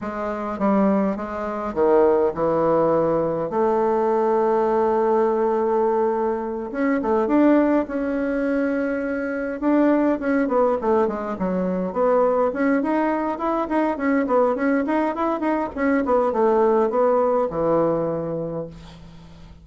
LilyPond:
\new Staff \with { instrumentName = "bassoon" } { \time 4/4 \tempo 4 = 103 gis4 g4 gis4 dis4 | e2 a2~ | a2.~ a8 cis'8 | a8 d'4 cis'2~ cis'8~ |
cis'8 d'4 cis'8 b8 a8 gis8 fis8~ | fis8 b4 cis'8 dis'4 e'8 dis'8 | cis'8 b8 cis'8 dis'8 e'8 dis'8 cis'8 b8 | a4 b4 e2 | }